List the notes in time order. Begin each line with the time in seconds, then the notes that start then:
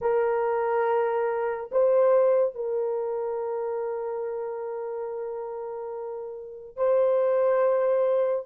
0.01 A#4
1.71 C5
2.54 A#4
6.76 C5